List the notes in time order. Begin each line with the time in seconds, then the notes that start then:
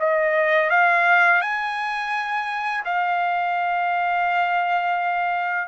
0.00 D#5
0.70 F5
1.42 G#5
2.85 F5